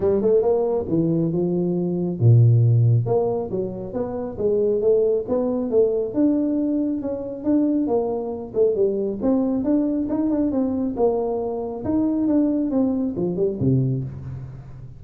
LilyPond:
\new Staff \with { instrumentName = "tuba" } { \time 4/4 \tempo 4 = 137 g8 a8 ais4 e4 f4~ | f4 ais,2 ais4 | fis4 b4 gis4 a4 | b4 a4 d'2 |
cis'4 d'4 ais4. a8 | g4 c'4 d'4 dis'8 d'8 | c'4 ais2 dis'4 | d'4 c'4 f8 g8 c4 | }